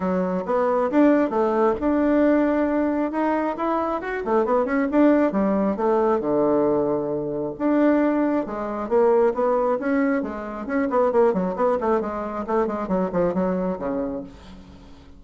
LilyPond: \new Staff \with { instrumentName = "bassoon" } { \time 4/4 \tempo 4 = 135 fis4 b4 d'4 a4 | d'2. dis'4 | e'4 fis'8 a8 b8 cis'8 d'4 | g4 a4 d2~ |
d4 d'2 gis4 | ais4 b4 cis'4 gis4 | cis'8 b8 ais8 fis8 b8 a8 gis4 | a8 gis8 fis8 f8 fis4 cis4 | }